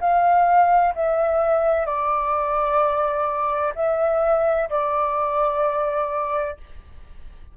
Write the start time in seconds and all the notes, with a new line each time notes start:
0.00 F5
0.95 E5
1.86 D5
3.75 E5
4.70 D5